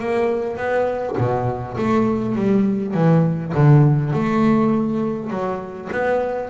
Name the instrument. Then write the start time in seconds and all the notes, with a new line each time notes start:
double bass
0.00 A#3
0.57 B3
1.18 B2
1.78 A3
2.36 G3
2.94 E3
3.55 D3
4.13 A3
5.31 F#3
5.92 B3